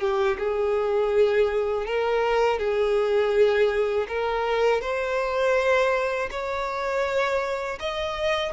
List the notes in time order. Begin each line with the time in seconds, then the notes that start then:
0.00 G4
0.38 G#4
1.86 A#4
2.58 G#4
4.07 A#4
4.81 C5
6.30 C#5
7.79 D#5